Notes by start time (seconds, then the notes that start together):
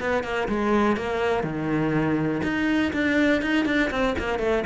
0.00 B3
0.23 A#3
0.48 G#3
0.97 A#3
1.44 D#3
2.43 D#4
2.93 D4
3.42 D#4
3.65 D4
3.91 C4
4.18 A#3
4.39 A3